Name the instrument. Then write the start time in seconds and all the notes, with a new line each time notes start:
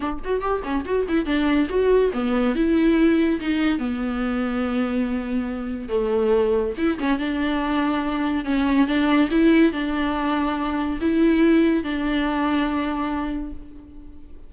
viola
0.00 D4
0.24 F#4
0.41 G4
0.63 C#4
0.85 F#4
1.08 E4
1.25 D4
1.69 F#4
2.13 B3
2.55 E4
3.40 D#4
3.78 B3
5.88 A3
6.77 E4
6.99 C#4
7.18 D4
8.44 C#4
8.87 D4
9.31 E4
9.72 D4
11.00 E4
11.83 D4